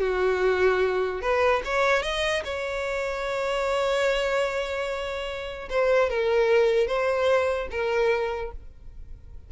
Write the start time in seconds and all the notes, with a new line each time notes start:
0.00 F#4
1.22 B4
1.65 C#5
2.03 D#5
2.45 C#5
5.69 C5
6.09 A#4
6.87 C5
7.71 A#4